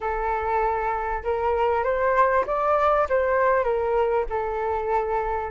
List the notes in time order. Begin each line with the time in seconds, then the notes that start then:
0.00 A4
1.23 A#4
1.83 C5
2.46 D5
3.09 C5
3.63 A#4
4.29 A4